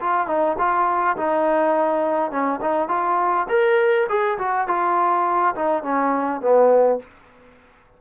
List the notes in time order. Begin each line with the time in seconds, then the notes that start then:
0.00 F4
0.27 D#4
0.58 F4
1.17 D#4
2.31 C#4
2.61 D#4
2.89 F4
3.49 A#4
4.09 G#4
4.38 F#4
4.67 F4
5.55 D#4
5.83 C#4
6.41 B3